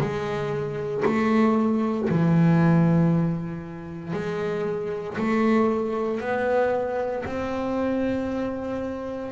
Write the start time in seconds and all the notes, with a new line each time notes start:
0.00 G#3
1.05 A3
2.09 E3
4.13 G#3
5.18 A3
6.20 B3
7.26 C4